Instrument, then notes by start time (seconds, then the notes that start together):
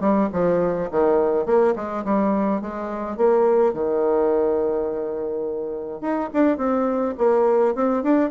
bassoon
0.00 G3
0.32 F3
0.91 D#3
1.45 A#3
1.75 G#3
2.04 G3
2.61 G#3
3.17 A#3
3.73 D#3
6.01 D#4
6.33 D4
6.57 C4
7.18 A#3
7.75 C4
8.03 D4